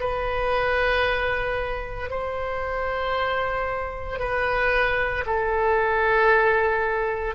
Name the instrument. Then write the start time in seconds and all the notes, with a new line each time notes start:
oboe
0.00 B4
2.10 C5
4.19 B4
5.26 A4